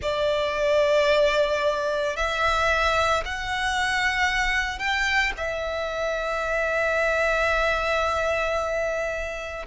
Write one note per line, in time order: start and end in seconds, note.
0.02 2.16 D5
2.16 3.23 E5
3.25 4.78 F#5
4.78 5.32 G5
5.37 9.66 E5